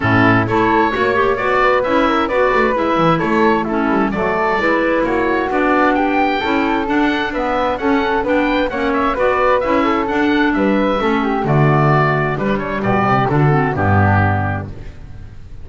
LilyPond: <<
  \new Staff \with { instrumentName = "oboe" } { \time 4/4 \tempo 4 = 131 a'4 cis''2 d''4 | e''4 d''4 e''4 cis''4 | a'4 d''2 cis''4 | d''4 g''2 fis''4 |
e''4 fis''4 g''4 fis''8 e''8 | d''4 e''4 fis''4 e''4~ | e''4 d''2 b'8 cis''8 | d''4 a'4 g'2 | }
  \new Staff \with { instrumentName = "flute" } { \time 4/4 e'4 a'4 cis''4. b'8~ | b'8 ais'8 b'2 a'4 | e'4 a'4 b'4 fis'4~ | fis'4 g'4 a'2 |
b'4 a'4 b'4 cis''4 | b'4. a'4. b'4 | a'8 g'8 fis'2 d'4 | g'4 fis'4 d'2 | }
  \new Staff \with { instrumentName = "clarinet" } { \time 4/4 cis'4 e'4 fis'8 g'8 fis'4 | e'4 fis'4 e'2 | cis'4 a4 e'2 | d'2 e'4 d'4 |
b4 cis'4 d'4 cis'4 | fis'4 e'4 d'2 | cis'4 a2 g4~ | g4 d'8 c'8 b2 | }
  \new Staff \with { instrumentName = "double bass" } { \time 4/4 a,4 a4 ais4 b4 | cis'4 b8 a8 gis8 e8 a4~ | a8 g8 fis4 gis4 ais4 | b2 cis'4 d'4~ |
d'4 cis'4 b4 ais4 | b4 cis'4 d'4 g4 | a4 d2 g4 | b,8 c8 d4 g,2 | }
>>